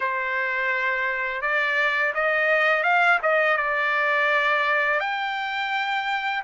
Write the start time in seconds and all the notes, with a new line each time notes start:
0.00 C5
1.41 D5
2.14 D#5
2.83 F5
3.22 D#5
3.57 D5
4.99 G5